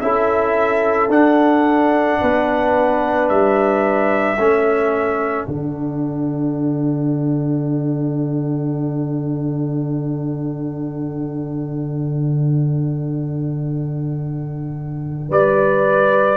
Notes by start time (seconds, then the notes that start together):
0.00 C#4 E4 A4 E5
1.08 D4 F#5
2.20 B3 B4
3.28 G3 E5
4.37 A3 C#4 A4
5.45 D3 D4 F#5
15.29 G3 B4 D5